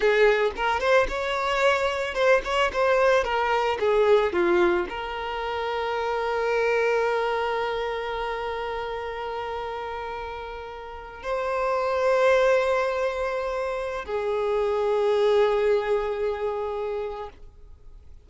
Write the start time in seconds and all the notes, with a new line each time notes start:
0.00 G#4
0.56 A#4
0.80 C5
1.08 C#5
2.14 C5
2.44 C#5
2.72 C5
3.23 A#4
3.79 G#4
4.32 F4
4.89 A#4
11.23 C5
14.05 G#4